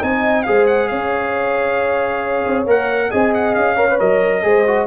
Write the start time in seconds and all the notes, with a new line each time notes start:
0.00 C4 D#4 D#5 G#5
0.43 G#3 G#4 C5 F5
0.67 F#5
0.87 C#4 C#5 F5
2.46 C4
2.65 A#3 A#4 F#5
3.09 C4 G#4 D#5 G#5
3.33 F#5
3.54 C#4 F5
3.75 A#4 C#5
3.90 B4
3.99 F#3 A#4 D#5
4.42 G#3 G#4 C5
4.66 F#4